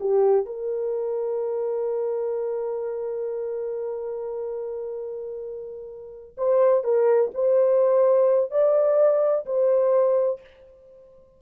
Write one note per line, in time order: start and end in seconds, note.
0.00 0.46 G4
0.46 6.36 A#4
6.37 6.84 C5
6.84 7.31 A#4
7.34 8.51 C5
8.51 9.45 D5
9.46 10.40 C5